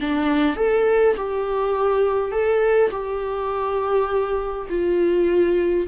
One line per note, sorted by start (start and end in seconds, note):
0.00 0.56 D4
0.56 1.15 A4
1.16 2.31 G4
2.31 2.90 A4
2.91 4.67 G4
4.69 5.87 F4